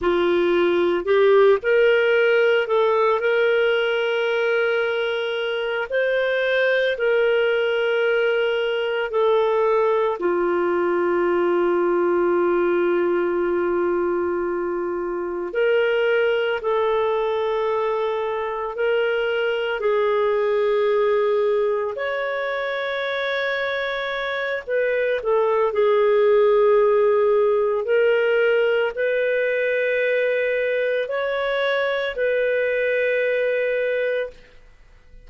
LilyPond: \new Staff \with { instrumentName = "clarinet" } { \time 4/4 \tempo 4 = 56 f'4 g'8 ais'4 a'8 ais'4~ | ais'4. c''4 ais'4.~ | ais'8 a'4 f'2~ f'8~ | f'2~ f'8 ais'4 a'8~ |
a'4. ais'4 gis'4.~ | gis'8 cis''2~ cis''8 b'8 a'8 | gis'2 ais'4 b'4~ | b'4 cis''4 b'2 | }